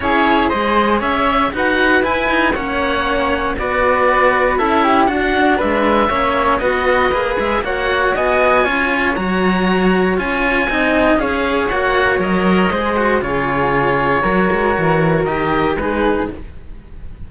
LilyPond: <<
  \new Staff \with { instrumentName = "oboe" } { \time 4/4 \tempo 4 = 118 cis''4 dis''4 e''4 fis''4 | gis''4 fis''2 d''4~ | d''4 e''4 fis''4 e''4~ | e''4 dis''4. e''8 fis''4 |
gis''2 ais''2 | gis''2 f''4 fis''4 | dis''2 cis''2~ | cis''2 dis''4 b'4 | }
  \new Staff \with { instrumentName = "flute" } { \time 4/4 gis'4 c''4 cis''4 b'4~ | b'4 cis''2 b'4~ | b'4 a'8 g'8 fis'4 b'4 | cis''4 b'2 cis''4 |
dis''4 cis''2.~ | cis''4 dis''4 cis''2~ | cis''4 c''4 gis'2 | ais'2. gis'4 | }
  \new Staff \with { instrumentName = "cello" } { \time 4/4 e'4 gis'2 fis'4 | e'8 dis'8 cis'2 fis'4~ | fis'4 e'4 d'2 | cis'4 fis'4 gis'4 fis'4~ |
fis'4 f'4 fis'2 | f'4 dis'4 gis'4 fis'4 | ais'4 gis'8 fis'8 f'2 | fis'2 g'4 dis'4 | }
  \new Staff \with { instrumentName = "cello" } { \time 4/4 cis'4 gis4 cis'4 dis'4 | e'4 ais2 b4~ | b4 cis'4 d'4 gis4 | ais4 b4 ais8 gis8 ais4 |
b4 cis'4 fis2 | cis'4 c'4 cis'4 ais4 | fis4 gis4 cis2 | fis8 gis8 e4 dis4 gis4 | }
>>